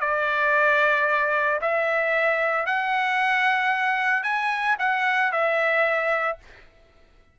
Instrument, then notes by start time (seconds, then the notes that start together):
trumpet
0.00 D5
1.61 E5
2.65 F#5
4.23 G#5
4.79 F#5
5.32 E5